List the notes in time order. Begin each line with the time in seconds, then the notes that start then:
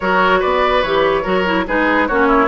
0.00 F#3 F#4 A#4 C#5
0.39 B3 B4 D5
0.82 E3 G4 C#5
1.22 F#3 F#4 A#4
1.45 E4
1.67 G#3 D#4 G#4 B4
2.07 A#3 C#4 F#4 C#5
2.27 E4